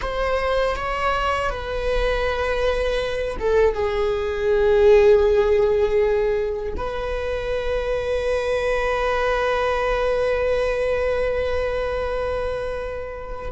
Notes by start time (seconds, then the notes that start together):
0.01 C5
0.76 C#5
1.49 B4
3.39 A4
3.73 G#4
6.76 B4